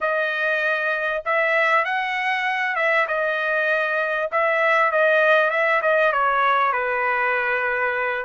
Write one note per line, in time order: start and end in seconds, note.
0.01 1.23 D#5
1.25 1.85 E5
1.85 2.76 F#5
2.76 3.06 E5
3.08 4.30 D#5
4.31 4.91 E5
4.91 5.50 D#5
5.50 5.81 E5
5.82 6.12 D#5
6.12 6.72 C#5
6.72 8.25 B4